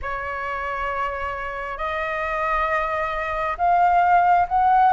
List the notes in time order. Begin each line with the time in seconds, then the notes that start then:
0.02 C#5
1.77 D#5
3.57 F5
4.48 F#5